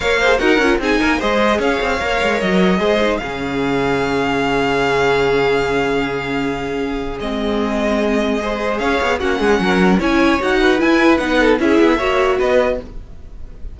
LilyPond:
<<
  \new Staff \with { instrumentName = "violin" } { \time 4/4 \tempo 4 = 150 f''4 fis''4 gis''4 dis''4 | f''2 dis''2 | f''1~ | f''1~ |
f''2 dis''2~ | dis''2 f''4 fis''4~ | fis''4 gis''4 fis''4 gis''4 | fis''4 e''2 dis''4 | }
  \new Staff \with { instrumentName = "violin" } { \time 4/4 cis''8 c''8 ais'4 gis'8 ais'8 c''4 | cis''2. c''4 | gis'1~ | gis'1~ |
gis'1~ | gis'4 c''4 cis''4 fis'8 gis'8 | ais'4 cis''4. b'4.~ | b'8 a'8 gis'4 cis''4 b'4 | }
  \new Staff \with { instrumentName = "viola" } { \time 4/4 ais'8 gis'8 fis'8 f'8 dis'4 gis'4~ | gis'4 ais'2 gis'8 dis'8 | cis'1~ | cis'1~ |
cis'2 c'2~ | c'4 gis'2 cis'4~ | cis'4 e'4 fis'4 e'4 | dis'4 e'4 fis'2 | }
  \new Staff \with { instrumentName = "cello" } { \time 4/4 ais4 dis'8 cis'8 c'8 ais8 gis4 | cis'8 c'8 ais8 gis8 fis4 gis4 | cis1~ | cis1~ |
cis2 gis2~ | gis2 cis'8 b8 ais8 gis8 | fis4 cis'4 dis'4 e'4 | b4 cis'8 b8 ais4 b4 | }
>>